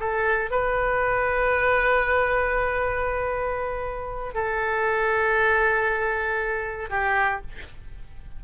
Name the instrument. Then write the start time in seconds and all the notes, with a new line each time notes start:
oboe
0.00 A4
0.51 B4
4.34 A4
6.90 G4